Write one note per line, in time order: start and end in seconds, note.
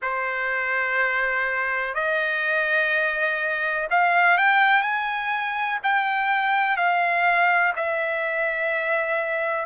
0.02 1.94 C5
1.94 3.88 D#5
3.90 4.37 F5
4.37 4.81 G5
4.81 5.78 G#5
5.83 6.76 G5
6.76 7.73 F5
7.76 9.65 E5